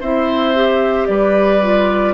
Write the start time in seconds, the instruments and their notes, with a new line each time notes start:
0.00 bassoon C4, clarinet E4, oboe C5, flute E5
0.55 clarinet G4
1.06 bassoon G3, oboe B4, flute D5
1.62 clarinet F4